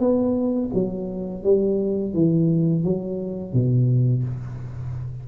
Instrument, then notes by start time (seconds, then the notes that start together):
tuba
0.00 B3
0.74 F#3
1.44 G3
2.14 E3
2.84 F#3
3.54 B2